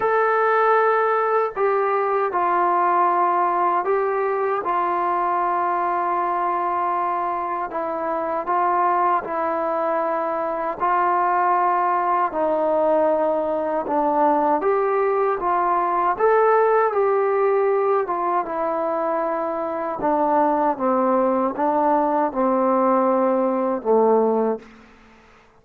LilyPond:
\new Staff \with { instrumentName = "trombone" } { \time 4/4 \tempo 4 = 78 a'2 g'4 f'4~ | f'4 g'4 f'2~ | f'2 e'4 f'4 | e'2 f'2 |
dis'2 d'4 g'4 | f'4 a'4 g'4. f'8 | e'2 d'4 c'4 | d'4 c'2 a4 | }